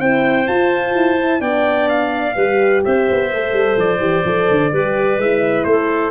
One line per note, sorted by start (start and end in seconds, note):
0.00 0.47 C4
0.00 0.48 E4
0.00 1.41 C5
0.00 0.48 G5
0.48 0.95 F4
0.48 1.19 F4
0.48 1.42 A5
0.95 1.41 E4
1.19 1.40 E4
1.40 2.35 B3
1.40 2.35 D4
1.40 2.35 D5
1.40 1.89 G5
1.90 2.84 F5
2.36 2.84 G3
2.36 3.31 G4
2.36 2.83 B4
2.85 3.10 C4
2.85 4.73 C5
2.85 3.80 E5
3.10 3.33 B3
3.33 3.53 A3
3.33 4.00 A4
3.53 3.77 G3
3.77 3.99 F3
3.77 5.21 D5
3.99 4.23 E3
3.99 4.24 G4
4.25 4.49 F3
4.25 4.73 A4
4.51 4.73 D3
4.73 5.18 G3
4.73 5.21 G4
4.73 5.67 B4
5.18 5.65 G#3
5.18 6.11 E4
5.18 5.64 E5
5.64 6.11 A3
5.64 6.11 C5
5.70 6.11 A4